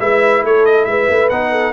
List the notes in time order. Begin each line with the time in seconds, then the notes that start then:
0.00 G#3 E4 B4 E5
0.43 A3 A4 C#5
0.66 D#5
0.85 G#3 B4 E5
1.09 A3
1.30 B3 D#4 F#5
1.52 A4